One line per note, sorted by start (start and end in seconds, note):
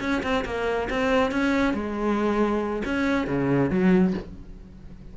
0.00 0.22 C#4
0.23 0.44 C4
0.45 0.88 A#3
0.90 1.31 C4
1.31 1.74 C#4
1.74 2.82 G#3
2.85 3.27 C#4
3.27 3.70 C#3
3.70 4.13 F#3